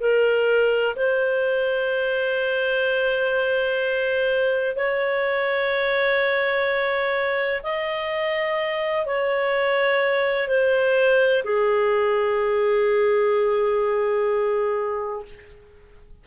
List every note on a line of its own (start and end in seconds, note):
0.00 0.95 A#4
0.96 4.76 C5
4.76 7.61 C#5
7.63 9.06 D#5
9.06 10.48 C#5
10.48 11.43 C5
11.44 15.25 G#4